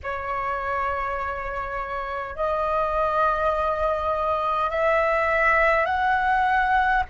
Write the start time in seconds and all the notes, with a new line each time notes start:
0.03 C#5
2.35 D#5
4.70 E5
5.85 F#5